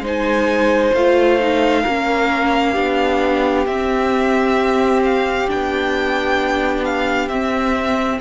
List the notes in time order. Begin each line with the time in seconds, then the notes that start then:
0.00 G#3 D#4 C5
0.07 G#5
0.94 A3 F4 F5
1.40 D#4
1.82 A#3 C#4 A#4
2.72 B3 D4 G4
3.66 C4 E5
5.04 F5
5.48 B3 D4 G5
6.85 F5
7.28 C4 E5